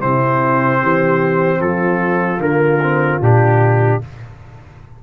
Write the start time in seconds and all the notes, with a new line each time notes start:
0.00 C3 C4 E4 C5
0.82 E3 G4
1.59 F3 F4 A4
2.39 D3 A#3 A#4
2.83 C4
3.21 A#2 D4 G4